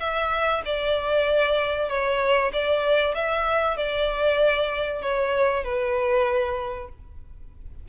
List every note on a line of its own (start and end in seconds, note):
0.00 0.62 E5
0.66 1.90 D5
1.90 2.52 C#5
2.53 3.15 D5
3.15 3.77 E5
3.77 5.02 D5
5.02 5.64 C#5
5.64 6.89 B4